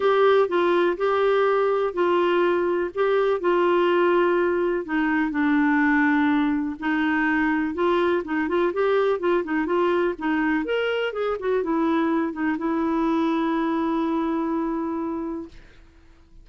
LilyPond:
\new Staff \with { instrumentName = "clarinet" } { \time 4/4 \tempo 4 = 124 g'4 f'4 g'2 | f'2 g'4 f'4~ | f'2 dis'4 d'4~ | d'2 dis'2 |
f'4 dis'8 f'8 g'4 f'8 dis'8 | f'4 dis'4 ais'4 gis'8 fis'8 | e'4. dis'8 e'2~ | e'1 | }